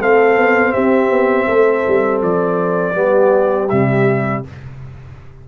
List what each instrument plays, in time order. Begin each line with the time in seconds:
0.00 tuba A3, trombone C4, horn A4, trumpet F5
0.37 tuba B3
0.73 tuba C4, horn G4, trumpet E5
1.10 tuba B3
1.48 tuba A3, horn A4
1.88 tuba G3
2.22 tuba F3, trumpet D5
2.95 tuba G3, trombone B3
3.01 horn G4
3.69 tuba C3, trombone G3, trumpet E5